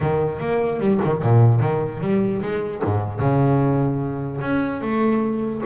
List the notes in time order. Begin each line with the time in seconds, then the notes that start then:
0.01 D#3
0.40 A#3
0.80 G3
1.04 D#3
1.22 A#2
1.60 D#3
2.00 G3
2.42 G#3
2.84 G#2
3.19 C#3
4.41 C#4
4.81 A3